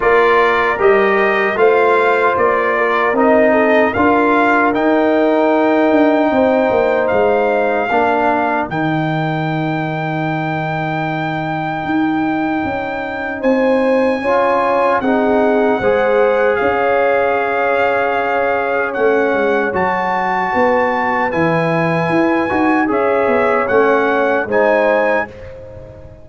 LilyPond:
<<
  \new Staff \with { instrumentName = "trumpet" } { \time 4/4 \tempo 4 = 76 d''4 dis''4 f''4 d''4 | dis''4 f''4 g''2~ | g''4 f''2 g''4~ | g''1~ |
g''4 gis''2 fis''4~ | fis''4 f''2. | fis''4 a''2 gis''4~ | gis''4 e''4 fis''4 gis''4 | }
  \new Staff \with { instrumentName = "horn" } { \time 4/4 ais'2 c''4. ais'8~ | ais'8 a'8 ais'2. | c''2 ais'2~ | ais'1~ |
ais'4 c''4 cis''4 gis'4 | c''4 cis''2.~ | cis''2 b'2~ | b'4 cis''2 c''4 | }
  \new Staff \with { instrumentName = "trombone" } { \time 4/4 f'4 g'4 f'2 | dis'4 f'4 dis'2~ | dis'2 d'4 dis'4~ | dis'1~ |
dis'2 f'4 dis'4 | gis'1 | cis'4 fis'2 e'4~ | e'8 fis'8 gis'4 cis'4 dis'4 | }
  \new Staff \with { instrumentName = "tuba" } { \time 4/4 ais4 g4 a4 ais4 | c'4 d'4 dis'4. d'8 | c'8 ais8 gis4 ais4 dis4~ | dis2. dis'4 |
cis'4 c'4 cis'4 c'4 | gis4 cis'2. | a8 gis8 fis4 b4 e4 | e'8 dis'8 cis'8 b8 a4 gis4 | }
>>